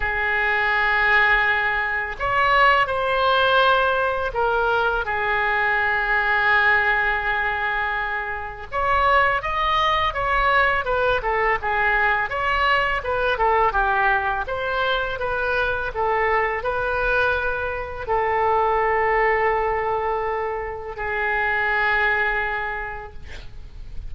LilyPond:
\new Staff \with { instrumentName = "oboe" } { \time 4/4 \tempo 4 = 83 gis'2. cis''4 | c''2 ais'4 gis'4~ | gis'1 | cis''4 dis''4 cis''4 b'8 a'8 |
gis'4 cis''4 b'8 a'8 g'4 | c''4 b'4 a'4 b'4~ | b'4 a'2.~ | a'4 gis'2. | }